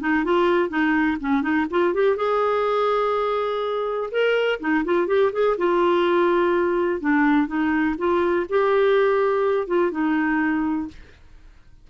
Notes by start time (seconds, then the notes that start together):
0.00 D#4
0.24 F4
0.69 D#4
1.20 C#4
1.42 D#4
1.70 F4
1.94 G4
2.16 G#4
4.11 A#4
4.60 D#4
4.85 F4
5.07 G4
5.32 G#4
5.57 F4
7.00 D4
7.47 D#4
7.98 F4
8.49 G4
9.67 F4
9.91 D#4